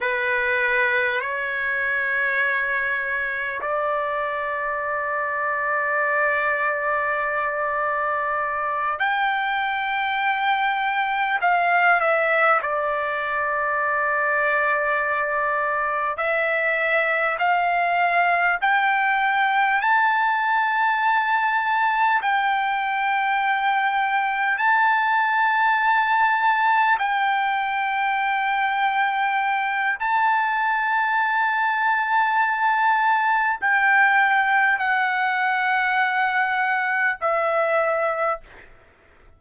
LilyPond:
\new Staff \with { instrumentName = "trumpet" } { \time 4/4 \tempo 4 = 50 b'4 cis''2 d''4~ | d''2.~ d''8 g''8~ | g''4. f''8 e''8 d''4.~ | d''4. e''4 f''4 g''8~ |
g''8 a''2 g''4.~ | g''8 a''2 g''4.~ | g''4 a''2. | g''4 fis''2 e''4 | }